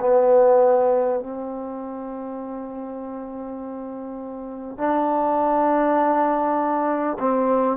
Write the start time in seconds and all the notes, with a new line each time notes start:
0.00 B3
1.20 C4
4.77 D4
7.19 C4